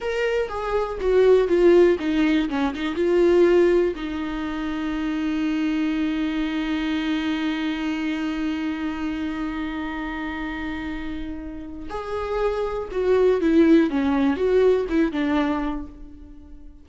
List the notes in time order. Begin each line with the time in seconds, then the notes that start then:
0.00 A#4
0.48 G#4
1.00 F#4
1.48 F4
1.99 D#4
2.49 C#4
2.74 D#4
2.95 F4
3.95 D#4
11.89 G#4
12.91 F#4
13.40 E4
13.90 C#4
14.36 F#4
14.89 E4
15.12 D4